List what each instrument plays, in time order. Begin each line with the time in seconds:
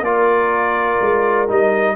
0.00 tuba A#3, trombone F4, horn A#4, trumpet D5
1.01 tuba G#3
1.48 tuba G3, trombone D#4, trumpet D#5